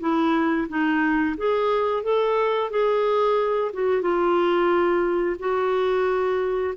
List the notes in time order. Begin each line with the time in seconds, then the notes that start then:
0.00 E4
0.69 D#4
1.37 G#4
2.03 A4
2.71 G#4
3.74 F#4
4.02 F4
5.39 F#4